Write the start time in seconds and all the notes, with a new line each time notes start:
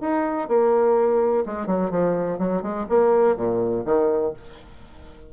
0.00 D#4
0.48 A#3
1.46 G#3
1.66 F#3
1.90 F3
2.38 F#3
2.62 G#3
2.89 A#3
3.36 A#2
3.85 D#3